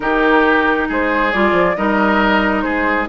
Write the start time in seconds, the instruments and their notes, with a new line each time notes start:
0.00 bassoon D#3, clarinet D#4, oboe G4, flute A#4
0.88 bassoon G#3, oboe G#4, flute C5
1.32 bassoon G3, clarinet F4, flute D5
1.52 bassoon F3
1.76 bassoon G3, clarinet D#4, oboe A#4, flute D#5
2.61 bassoon G#3, oboe G#4, flute C5